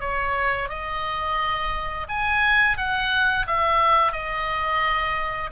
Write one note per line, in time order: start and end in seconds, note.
0.00 0.69 C#5
0.69 2.07 D#5
2.08 2.77 G#5
2.77 3.46 F#5
3.47 4.12 E5
4.12 5.50 D#5